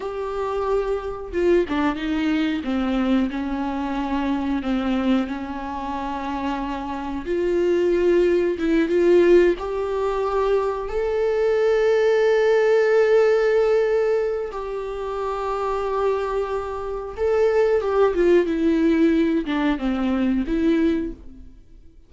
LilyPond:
\new Staff \with { instrumentName = "viola" } { \time 4/4 \tempo 4 = 91 g'2 f'8 d'8 dis'4 | c'4 cis'2 c'4 | cis'2. f'4~ | f'4 e'8 f'4 g'4.~ |
g'8 a'2.~ a'8~ | a'2 g'2~ | g'2 a'4 g'8 f'8 | e'4. d'8 c'4 e'4 | }